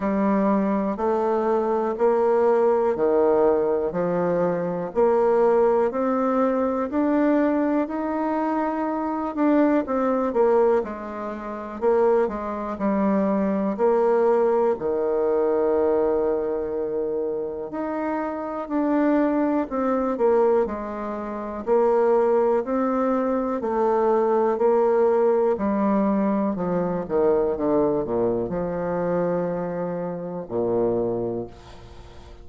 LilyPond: \new Staff \with { instrumentName = "bassoon" } { \time 4/4 \tempo 4 = 61 g4 a4 ais4 dis4 | f4 ais4 c'4 d'4 | dis'4. d'8 c'8 ais8 gis4 | ais8 gis8 g4 ais4 dis4~ |
dis2 dis'4 d'4 | c'8 ais8 gis4 ais4 c'4 | a4 ais4 g4 f8 dis8 | d8 ais,8 f2 ais,4 | }